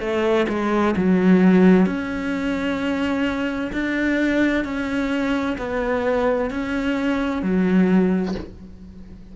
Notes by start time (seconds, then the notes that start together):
0.00 A3
0.49 G#3
0.97 F#3
1.86 C#4
3.73 D4
4.64 C#4
5.58 B3
6.50 C#4
7.43 F#3